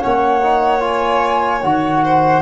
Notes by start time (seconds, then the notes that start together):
0.00 A#3 C#4 C#5 F#5
0.43 D#4
0.80 F4 G#5
1.62 D#3 F#4 F#5
2.04 C5